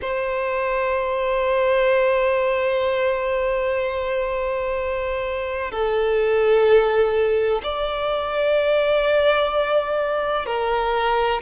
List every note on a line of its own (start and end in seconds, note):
0.01 5.71 C5
5.71 7.61 A4
7.63 10.45 D5
10.45 11.41 A#4